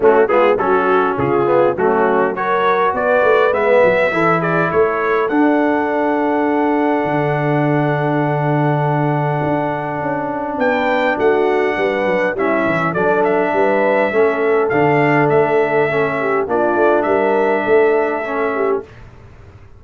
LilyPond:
<<
  \new Staff \with { instrumentName = "trumpet" } { \time 4/4 \tempo 4 = 102 fis'8 gis'8 a'4 gis'4 fis'4 | cis''4 d''4 e''4. d''8 | cis''4 fis''2.~ | fis''1~ |
fis''2 g''4 fis''4~ | fis''4 e''4 d''8 e''4.~ | e''4 f''4 e''2 | d''4 e''2. | }
  \new Staff \with { instrumentName = "horn" } { \time 4/4 cis'8 f'8 fis'4 f'4 cis'4 | ais'4 b'2 a'8 gis'8 | a'1~ | a'1~ |
a'2 b'4 fis'4 | b'4 e'4 a'4 b'4 | a'2.~ a'8 g'8 | f'4 ais'4 a'4. g'8 | }
  \new Staff \with { instrumentName = "trombone" } { \time 4/4 a8 b8 cis'4. b8 a4 | fis'2 b4 e'4~ | e'4 d'2.~ | d'1~ |
d'1~ | d'4 cis'4 d'2 | cis'4 d'2 cis'4 | d'2. cis'4 | }
  \new Staff \with { instrumentName = "tuba" } { \time 4/4 a8 gis8 fis4 cis4 fis4~ | fis4 b8 a8 gis8 fis8 e4 | a4 d'2. | d1 |
d'4 cis'4 b4 a4 | g8 fis8 g8 e8 fis4 g4 | a4 d4 a2 | ais8 a8 g4 a2 | }
>>